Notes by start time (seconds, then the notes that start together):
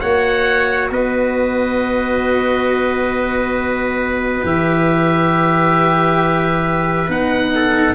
0.00 A#3 F#4 C#5 F#5
0.90 B3 B4 D#5
4.42 E3 G4 E5
7.08 B3 D#4 F#5
7.55 A4